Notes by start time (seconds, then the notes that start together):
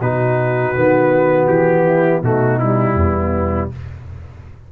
0.00 B2 D#4 F#4 B4
0.75 D#3 B3
1.46 E3 G4
1.85 E4
2.21 B2 A3 D#4 F#4
2.59 G3 E4
2.95 E2 B3